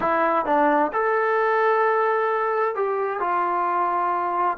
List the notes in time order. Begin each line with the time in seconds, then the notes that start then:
0.00 E4
0.45 D4
0.92 A4
2.75 G4
3.20 F4